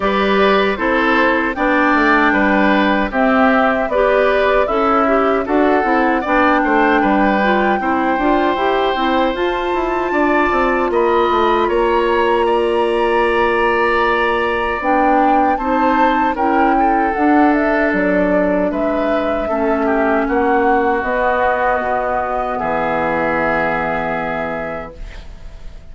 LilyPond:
<<
  \new Staff \with { instrumentName = "flute" } { \time 4/4 \tempo 4 = 77 d''4 c''4 g''2 | e''4 d''4 e''4 fis''4 | g''1 | a''2 b''4 ais''4~ |
ais''2. g''4 | a''4 g''4 fis''8 e''8 d''4 | e''2 fis''4 dis''4~ | dis''4 e''2. | }
  \new Staff \with { instrumentName = "oboe" } { \time 4/4 b'4 a'4 d''4 b'4 | g'4 b'4 e'4 a'4 | d''8 c''8 b'4 c''2~ | c''4 d''4 dis''4 cis''4 |
d''1 | c''4 ais'8 a'2~ a'8 | b'4 a'8 g'8 fis'2~ | fis'4 gis'2. | }
  \new Staff \with { instrumentName = "clarinet" } { \time 4/4 g'4 e'4 d'2 | c'4 g'4 a'8 g'8 fis'8 e'8 | d'4. f'8 e'8 f'8 g'8 e'8 | f'1~ |
f'2. d'4 | dis'4 e'4 d'2~ | d'4 cis'2 b4~ | b1 | }
  \new Staff \with { instrumentName = "bassoon" } { \time 4/4 g4 c'4 b8 a8 g4 | c'4 b4 cis'4 d'8 c'8 | b8 a8 g4 c'8 d'8 e'8 c'8 | f'8 e'8 d'8 c'8 ais8 a8 ais4~ |
ais2. b4 | c'4 cis'4 d'4 fis4 | gis4 a4 ais4 b4 | b,4 e2. | }
>>